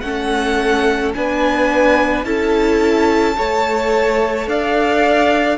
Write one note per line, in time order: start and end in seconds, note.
0.00 1.13 A3
0.00 1.14 C#4
0.00 1.16 A4
0.00 1.11 F#5
1.14 2.24 B3
1.14 2.24 D4
1.14 2.25 B4
1.14 2.25 G#5
2.24 3.35 C#4
2.24 3.35 E4
2.24 3.36 A4
2.24 4.47 A5
3.36 4.47 A3
3.36 5.57 A4
3.36 4.48 C#5
4.47 5.57 D4
4.47 5.57 D5
4.47 5.57 F5